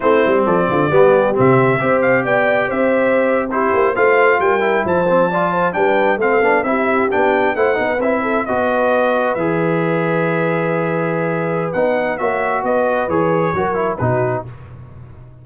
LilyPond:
<<
  \new Staff \with { instrumentName = "trumpet" } { \time 4/4 \tempo 4 = 133 c''4 d''2 e''4~ | e''8 f''8 g''4 e''4.~ e''16 c''16~ | c''8. f''4 g''4 a''4~ a''16~ | a''8. g''4 f''4 e''4 g''16~ |
g''8. fis''4 e''4 dis''4~ dis''16~ | dis''8. e''2.~ e''16~ | e''2 fis''4 e''4 | dis''4 cis''2 b'4 | }
  \new Staff \with { instrumentName = "horn" } { \time 4/4 e'4 a'8 f'8 g'2 | c''4 d''4 c''4.~ c''16 g'16~ | g'8. c''4 ais'4 c''4 d''16~ | d''16 c''8 b'4 a'4 g'4~ g'16~ |
g'8. c''8 b'4 a'8 b'4~ b'16~ | b'1~ | b'2. cis''4 | b'2 ais'4 fis'4 | }
  \new Staff \with { instrumentName = "trombone" } { \time 4/4 c'2 b4 c'4 | g'2.~ g'8. e'16~ | e'8. f'4. e'4 c'8 f'16~ | f'8. d'4 c'8 d'8 e'4 d'16~ |
d'8. e'8 dis'8 e'4 fis'4~ fis'16~ | fis'8. gis'2.~ gis'16~ | gis'2 dis'4 fis'4~ | fis'4 gis'4 fis'8 e'8 dis'4 | }
  \new Staff \with { instrumentName = "tuba" } { \time 4/4 a8 g8 f8 d8 g4 c4 | c'4 b4 c'2~ | c'16 ais8 a4 g4 f4~ f16~ | f8. g4 a8 b8 c'4 b16~ |
b8. a8 b8 c'4 b4~ b16~ | b8. e2.~ e16~ | e2 b4 ais4 | b4 e4 fis4 b,4 | }
>>